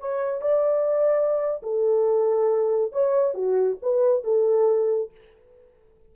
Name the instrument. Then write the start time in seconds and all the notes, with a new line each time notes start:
horn
0.00 C#5
0.41 D5
1.63 A4
2.92 C#5
3.34 F#4
3.83 B4
4.24 A4